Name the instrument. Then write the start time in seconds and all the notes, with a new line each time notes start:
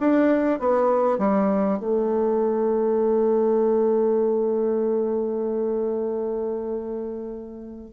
bassoon
0.00 D4
0.60 B3
1.18 G3
1.79 A3